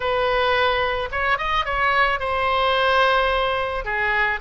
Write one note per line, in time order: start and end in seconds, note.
0.00 1.09 B4
1.11 1.38 C#5
1.38 1.65 D#5
1.65 2.19 C#5
2.19 3.84 C5
3.84 4.39 G#4